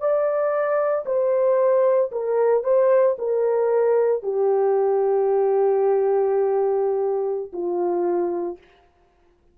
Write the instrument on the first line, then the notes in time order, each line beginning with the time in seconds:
horn
0.00 D5
1.06 C5
2.12 A#4
2.64 C5
3.19 A#4
4.23 G4
7.53 F4